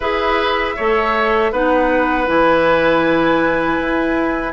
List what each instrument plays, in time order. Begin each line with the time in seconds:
0.00 bassoon E4, clarinet G#4, oboe B4, flute E5
0.75 bassoon A3, clarinet A4, oboe C#5
1.51 bassoon B3, clarinet D#4, oboe B4, flute F#5
2.26 bassoon E3, clarinet E4, flute G#5
3.80 bassoon E4